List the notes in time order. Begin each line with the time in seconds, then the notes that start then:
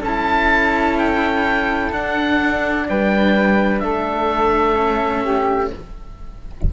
0.00 C#4 A4 A5
0.06 E4
0.99 G5
1.92 D4 F#5
2.89 G3 B4 G5
3.80 A3 A4 E5
4.75 C#4
5.24 G4